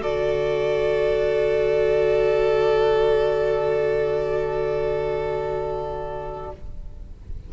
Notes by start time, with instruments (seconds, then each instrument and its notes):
0.00 cello D3, viola F#4, violin A4 D5